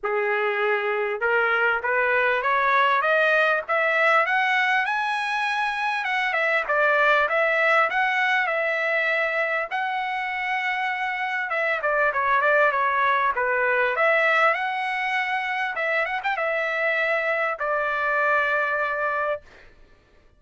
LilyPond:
\new Staff \with { instrumentName = "trumpet" } { \time 4/4 \tempo 4 = 99 gis'2 ais'4 b'4 | cis''4 dis''4 e''4 fis''4 | gis''2 fis''8 e''8 d''4 | e''4 fis''4 e''2 |
fis''2. e''8 d''8 | cis''8 d''8 cis''4 b'4 e''4 | fis''2 e''8 fis''16 g''16 e''4~ | e''4 d''2. | }